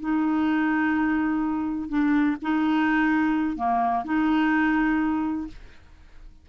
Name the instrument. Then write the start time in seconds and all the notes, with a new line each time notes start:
clarinet
0.00 D#4
1.89 D4
2.42 D#4
3.56 A#3
4.04 D#4